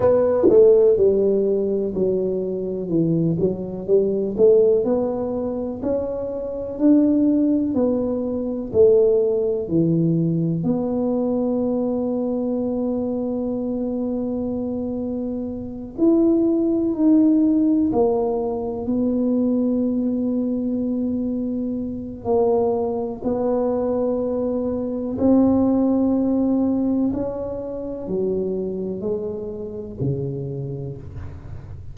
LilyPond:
\new Staff \with { instrumentName = "tuba" } { \time 4/4 \tempo 4 = 62 b8 a8 g4 fis4 e8 fis8 | g8 a8 b4 cis'4 d'4 | b4 a4 e4 b4~ | b1~ |
b8 e'4 dis'4 ais4 b8~ | b2. ais4 | b2 c'2 | cis'4 fis4 gis4 cis4 | }